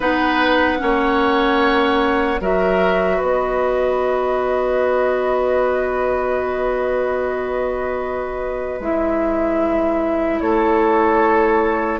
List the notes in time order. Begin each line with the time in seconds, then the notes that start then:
0.00 B3 D#4 B4 F#5
0.78 A#3 C#4 C#5
2.40 F#3 F#4 A#4 E5
3.16 B3 B4 D#5
8.79 G#3 E4 E5
10.40 A3 A4 C#5